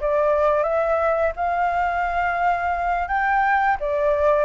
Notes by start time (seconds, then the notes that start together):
0.00 D5
0.63 E5
1.36 F5
3.08 G5
3.80 D5